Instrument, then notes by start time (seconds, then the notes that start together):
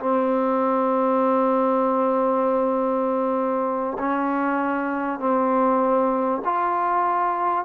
trombone
0.00 C4
3.99 C#4
5.20 C4
6.45 F4